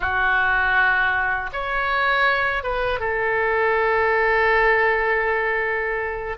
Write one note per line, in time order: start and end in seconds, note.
0.00 1.50 F#4
1.52 2.63 C#5
2.63 2.99 B4
2.99 6.37 A4